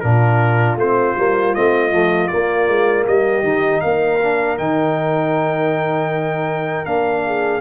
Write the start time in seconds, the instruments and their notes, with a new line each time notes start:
0.00 tuba A#2, trombone D4, horn F4, trumpet A#4
0.75 tuba A3, trombone C4, trumpet C5
1.17 tuba G3, trombone A#3
1.54 tuba A3, trombone C4, trumpet D#5
1.91 tuba F3, trombone A3
2.27 trombone A#3, tuba A#3, trumpet D5
2.68 tuba G#3
3.07 tuba G3, horn G4, trumpet D#5
3.43 tuba D#3, trombone D#4
3.80 tuba A#3, horn A#4, trumpet F5
4.22 trombone D4
4.58 tuba D#3, trombone D#4, trumpet G5
6.85 tuba A#3, trombone D4, trumpet F5
7.25 horn G#4